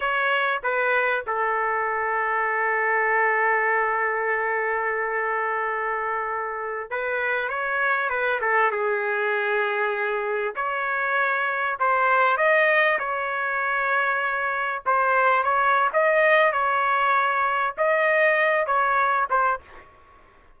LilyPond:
\new Staff \with { instrumentName = "trumpet" } { \time 4/4 \tempo 4 = 98 cis''4 b'4 a'2~ | a'1~ | a'2.~ a'16 b'8.~ | b'16 cis''4 b'8 a'8 gis'4.~ gis'16~ |
gis'4~ gis'16 cis''2 c''8.~ | c''16 dis''4 cis''2~ cis''8.~ | cis''16 c''4 cis''8. dis''4 cis''4~ | cis''4 dis''4. cis''4 c''8 | }